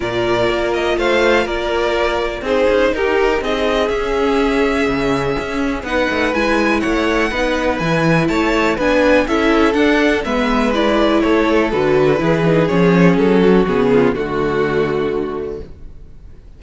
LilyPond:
<<
  \new Staff \with { instrumentName = "violin" } { \time 4/4 \tempo 4 = 123 d''4. dis''8 f''4 d''4~ | d''4 c''4 ais'4 dis''4 | e''1 | fis''4 gis''4 fis''2 |
gis''4 a''4 gis''4 e''4 | fis''4 e''4 d''4 cis''4 | b'2 cis''4 a'4 | gis'4 fis'2. | }
  \new Staff \with { instrumentName = "violin" } { \time 4/4 ais'2 c''4 ais'4~ | ais'4 gis'4 g'4 gis'4~ | gis'1 | b'2 cis''4 b'4~ |
b'4 cis''4 b'4 a'4~ | a'4 b'2 a'4~ | a'4 gis'2~ gis'8 fis'8~ | fis'8 f'8 fis'2. | }
  \new Staff \with { instrumentName = "viola" } { \time 4/4 f'1~ | f'4 dis'2. | cis'1 | dis'4 e'2 dis'4 |
e'2 d'4 e'4 | d'4 b4 e'2 | fis'4 e'8 dis'8 cis'2 | b4 a2. | }
  \new Staff \with { instrumentName = "cello" } { \time 4/4 ais,4 ais4 a4 ais4~ | ais4 c'8 cis'8 dis'4 c'4 | cis'2 cis4 cis'4 | b8 a8 gis4 a4 b4 |
e4 a4 b4 cis'4 | d'4 gis2 a4 | d4 e4 f4 fis4 | cis4 d2. | }
>>